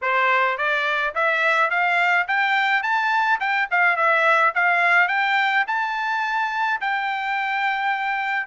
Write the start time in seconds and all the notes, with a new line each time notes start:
0.01 C5
0.57 D5
1.14 E5
1.70 F5
2.27 G5
2.82 A5
3.40 G5
3.70 F5
3.96 E5
4.55 F5
5.08 G5
5.67 A5
6.80 G5